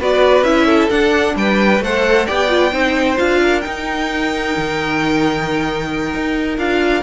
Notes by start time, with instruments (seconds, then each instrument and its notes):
0.00 cello B3, viola F#4, violin B4 D5
0.42 cello C#4, viola E4, violin E5
0.65 violin A4
0.89 viola D4, cello D4, violin F#5
1.35 cello G3, violin B4 G5
1.80 cello A3, viola A4, violin C5 F#5
2.26 cello B3, viola G4, violin D5 G5
2.48 viola F4
2.72 cello C4, viola D#4, violin C5
3.17 cello D4, viola F4, violin F5
3.41 violin A#4
3.61 viola D#4, cello D#4, violin G5
4.57 cello D#3
6.14 cello D#4
6.58 cello D4, viola F4, violin F5